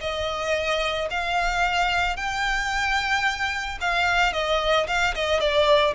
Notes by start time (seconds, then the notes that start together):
0.00 D#5
1.10 F5
2.16 G5
3.81 F5
4.33 D#5
4.87 F5
5.14 D#5
5.40 D5